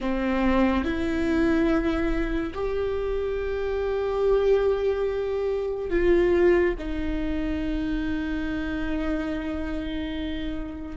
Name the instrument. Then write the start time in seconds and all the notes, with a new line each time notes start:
viola
0.00 C4
0.84 E4
2.54 G4
5.90 F4
6.78 D#4